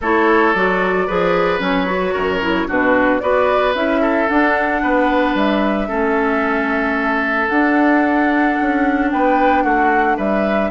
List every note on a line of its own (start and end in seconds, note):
0.01 0.54 A3
0.01 0.55 E4
0.01 1.07 A4
0.01 0.54 C#5
0.54 1.07 F#3
0.54 1.08 F#4
0.54 1.61 D5
1.07 1.59 F3
1.07 1.59 G#4
1.07 2.13 B4
1.59 2.13 F#3
1.59 1.85 C#4
1.59 2.69 C#5
1.85 2.39 F#4
2.13 2.68 F#2
2.13 2.67 A#4
2.40 2.67 E4
2.67 3.22 B2
2.67 3.21 D4
2.67 3.21 F#4
2.67 3.19 B4
3.19 3.74 B3
3.19 3.74 F#4
3.19 4.01 B4
3.19 3.73 D5
3.74 4.28 C#4
3.74 4.28 E4
3.74 4.28 E5
4.01 4.81 A4
4.28 5.87 D4
4.28 4.82 D4
4.28 5.35 F#5
4.82 5.34 B3
4.82 5.88 B4
5.34 5.88 G3
5.34 7.48 E5
5.87 7.49 A3
5.87 7.48 C#4
5.87 9.09 A4
7.48 8.56 D4
7.48 10.71 D4
7.48 9.09 F#5
8.61 9.12 C#4
9.10 9.64 B3
9.10 9.63 B4
9.10 9.62 G5
9.62 10.17 A3
9.62 10.16 F#4
9.62 10.16 F#5
10.16 10.71 G3
10.16 10.70 B4
10.16 10.71 E5